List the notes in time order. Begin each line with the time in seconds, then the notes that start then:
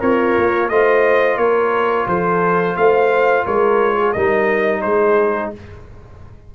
0.00 C4 F4 A#4 C#5
0.38 A#3
0.69 A3 F4 C5 D#5
1.37 A#3 A#4 C#5
2.07 F3 A4 C5
2.77 A3 C5 F5
3.45 G#3 A#4 C#5
3.99 G#4
4.13 G3 D#4 A#4 D#5
4.82 G#3 G#4 C5